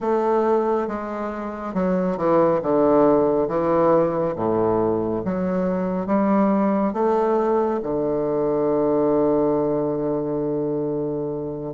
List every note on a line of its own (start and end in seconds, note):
0.00 0.87 A3
0.87 1.74 G#3
1.74 2.17 F#3
2.17 2.60 E3
2.62 3.47 D3
3.47 4.34 E3
4.35 5.22 A2
5.24 6.06 F#3
6.06 6.93 G3
6.93 7.80 A3
7.82 11.74 D3